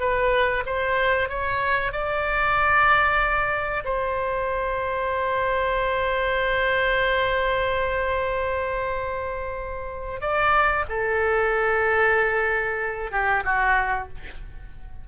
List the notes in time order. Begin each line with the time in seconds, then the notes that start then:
0.00 B4
0.66 C5
1.29 C#5
1.92 D5
3.84 C5
10.21 D5
10.89 A4
13.11 G4
13.44 F#4